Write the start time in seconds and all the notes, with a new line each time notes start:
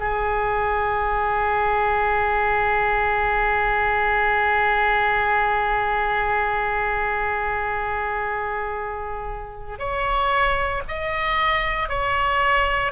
0.00 G#4
9.79 C#5
10.89 D#5
11.90 C#5